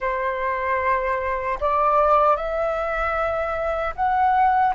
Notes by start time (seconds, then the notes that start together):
0.00 C5
1.60 D5
2.36 E5
3.95 F#5